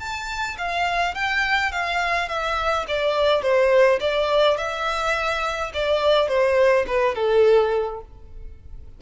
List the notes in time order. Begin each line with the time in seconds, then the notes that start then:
0.00 A5
0.58 F5
1.15 G5
1.72 F5
2.29 E5
2.88 D5
3.43 C5
4.01 D5
4.58 E5
5.74 D5
6.29 C5
6.88 B4
7.16 A4